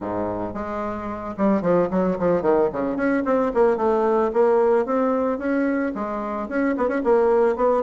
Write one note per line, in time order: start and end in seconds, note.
0.00 0.54 G#2
0.54 1.35 G#3
1.37 1.61 G3
1.61 1.88 F3
1.90 2.17 F#3
2.18 2.42 F3
2.42 2.69 D#3
2.72 2.96 C#3
2.96 3.23 C#4
3.25 3.52 C4
3.54 3.77 A#3
3.77 4.31 A3
4.33 4.85 A#3
4.85 5.38 C4
5.38 5.92 C#4
5.95 6.48 G#3
6.48 6.75 C#4
6.77 6.88 B3
6.88 7.01 C#4
7.04 7.56 A#3
7.56 7.83 B3